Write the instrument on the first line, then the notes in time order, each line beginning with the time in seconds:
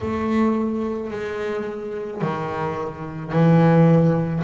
double bass
0.01 A3
1.10 G#3
2.21 D#3
3.31 E3